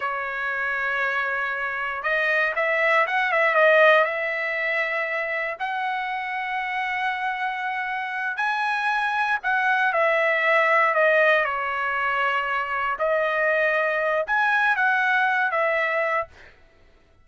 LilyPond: \new Staff \with { instrumentName = "trumpet" } { \time 4/4 \tempo 4 = 118 cis''1 | dis''4 e''4 fis''8 e''8 dis''4 | e''2. fis''4~ | fis''1~ |
fis''8 gis''2 fis''4 e''8~ | e''4. dis''4 cis''4.~ | cis''4. dis''2~ dis''8 | gis''4 fis''4. e''4. | }